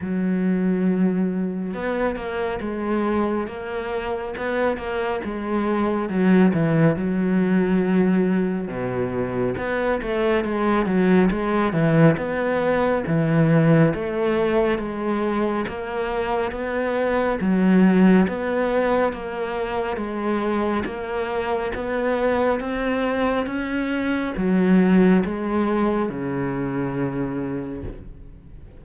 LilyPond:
\new Staff \with { instrumentName = "cello" } { \time 4/4 \tempo 4 = 69 fis2 b8 ais8 gis4 | ais4 b8 ais8 gis4 fis8 e8 | fis2 b,4 b8 a8 | gis8 fis8 gis8 e8 b4 e4 |
a4 gis4 ais4 b4 | fis4 b4 ais4 gis4 | ais4 b4 c'4 cis'4 | fis4 gis4 cis2 | }